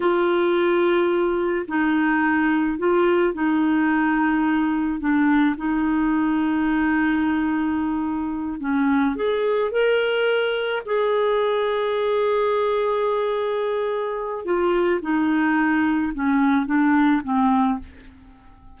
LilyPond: \new Staff \with { instrumentName = "clarinet" } { \time 4/4 \tempo 4 = 108 f'2. dis'4~ | dis'4 f'4 dis'2~ | dis'4 d'4 dis'2~ | dis'2.~ dis'8 cis'8~ |
cis'8 gis'4 ais'2 gis'8~ | gis'1~ | gis'2 f'4 dis'4~ | dis'4 cis'4 d'4 c'4 | }